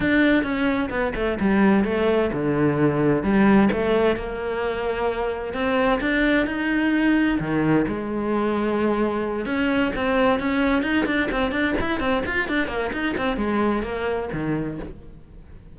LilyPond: \new Staff \with { instrumentName = "cello" } { \time 4/4 \tempo 4 = 130 d'4 cis'4 b8 a8 g4 | a4 d2 g4 | a4 ais2. | c'4 d'4 dis'2 |
dis4 gis2.~ | gis8 cis'4 c'4 cis'4 dis'8 | d'8 c'8 d'8 e'8 c'8 f'8 d'8 ais8 | dis'8 c'8 gis4 ais4 dis4 | }